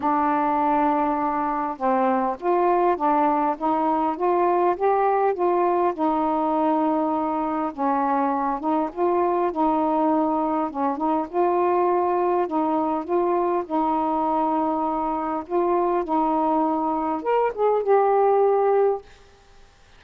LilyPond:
\new Staff \with { instrumentName = "saxophone" } { \time 4/4 \tempo 4 = 101 d'2. c'4 | f'4 d'4 dis'4 f'4 | g'4 f'4 dis'2~ | dis'4 cis'4. dis'8 f'4 |
dis'2 cis'8 dis'8 f'4~ | f'4 dis'4 f'4 dis'4~ | dis'2 f'4 dis'4~ | dis'4 ais'8 gis'8 g'2 | }